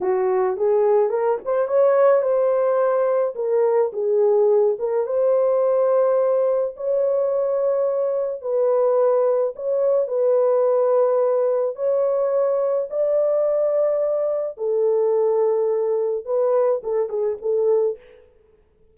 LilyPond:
\new Staff \with { instrumentName = "horn" } { \time 4/4 \tempo 4 = 107 fis'4 gis'4 ais'8 c''8 cis''4 | c''2 ais'4 gis'4~ | gis'8 ais'8 c''2. | cis''2. b'4~ |
b'4 cis''4 b'2~ | b'4 cis''2 d''4~ | d''2 a'2~ | a'4 b'4 a'8 gis'8 a'4 | }